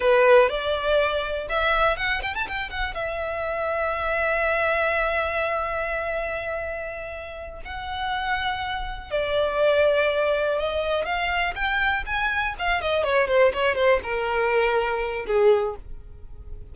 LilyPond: \new Staff \with { instrumentName = "violin" } { \time 4/4 \tempo 4 = 122 b'4 d''2 e''4 | fis''8 g''16 a''16 g''8 fis''8 e''2~ | e''1~ | e''2.~ e''8 fis''8~ |
fis''2~ fis''8 d''4.~ | d''4. dis''4 f''4 g''8~ | g''8 gis''4 f''8 dis''8 cis''8 c''8 cis''8 | c''8 ais'2~ ais'8 gis'4 | }